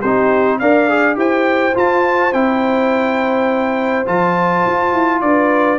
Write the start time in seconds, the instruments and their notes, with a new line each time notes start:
0.00 tuba C4, trombone D#4, horn G4, trumpet C5
0.59 tuba D4, trombone A#4, horn D5, trumpet F5
0.89 trombone G#4
1.15 tuba E4, trombone G4, horn C5, trumpet G5
1.74 trombone F4, tuba F4, trumpet A5
2.33 tuba C4, trombone E4, trumpet G5
4.06 tuba F3, trombone F4, trumpet A5
4.66 tuba F4
4.93 tuba E4
5.21 tuba D4, horn B4, trumpet D5